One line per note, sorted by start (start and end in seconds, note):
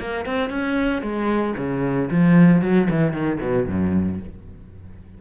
0.00 0.26 A#3
0.26 0.50 C4
0.50 1.02 C#4
1.02 1.55 G#3
1.57 2.10 C#3
2.11 2.62 F3
2.62 2.88 F#3
2.90 3.13 E3
3.13 3.39 D#3
3.41 3.67 B2
3.67 4.20 F#2